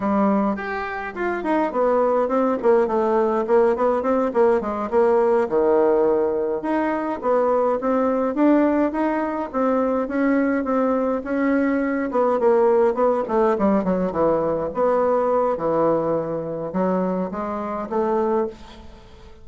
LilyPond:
\new Staff \with { instrumentName = "bassoon" } { \time 4/4 \tempo 4 = 104 g4 g'4 f'8 dis'8 b4 | c'8 ais8 a4 ais8 b8 c'8 ais8 | gis8 ais4 dis2 dis'8~ | dis'8 b4 c'4 d'4 dis'8~ |
dis'8 c'4 cis'4 c'4 cis'8~ | cis'4 b8 ais4 b8 a8 g8 | fis8 e4 b4. e4~ | e4 fis4 gis4 a4 | }